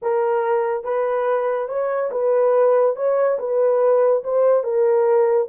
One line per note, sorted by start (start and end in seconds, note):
0.02 0.84 A#4
0.84 1.68 B4
1.68 2.10 C#5
2.11 2.95 B4
2.96 3.38 C#5
3.38 4.23 B4
4.23 4.63 C5
4.63 5.48 A#4